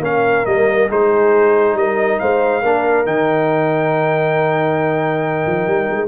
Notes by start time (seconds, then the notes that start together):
0.00 A#3 C#4 A#4 F5
0.46 G3 A#3 D#5
0.89 G#3 D#4 G#4 C5
1.74 G3 A#4 D#5
2.19 G#3 C5 F5
2.62 A#3 D4 A#4
3.06 D#3 D#4 G5
5.47 F3
5.67 G3
5.90 G#3